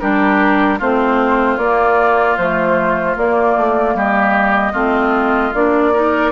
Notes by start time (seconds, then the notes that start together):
0.00 G3 D4 G4 A#4
0.79 A3 C4 F4 C5
1.58 A#3 D5
2.37 F3 A3 C5
3.16 A#3 D5
3.57 A3
3.95 G3 G4 D#5
4.73 A3 C4 F4
5.54 A#3 D4 D5
5.94 D#4 A#4